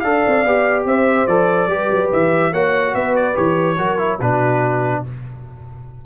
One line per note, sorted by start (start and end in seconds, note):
0.00 0.24 D4
0.00 0.45 A4
0.00 0.86 D5
0.00 0.83 F5
0.27 0.45 C4
0.45 0.85 B3
0.45 1.28 G4
0.85 1.27 C4
0.85 1.70 C5
0.85 1.27 E5
1.27 1.67 F3
1.27 1.69 A4
1.27 2.10 D5
1.67 1.88 G3
1.67 2.53 G4
1.67 2.52 B4
1.91 2.11 F#3
2.12 2.52 E3
2.12 2.53 E5
2.52 2.94 A#3
2.52 3.34 F#4
2.52 2.93 C#5
2.52 2.94 F#5
2.93 3.36 B3
2.93 3.77 B4
2.93 3.15 E5
3.16 3.36 D5
3.34 3.78 E3
3.34 3.76 G4
3.34 4.20 C#5
3.77 4.20 F#3
3.77 3.97 F#4
3.77 4.19 A#4
3.97 4.18 E4
4.19 5.03 B2
4.19 5.05 D4
4.19 5.02 F#4
4.19 5.04 B4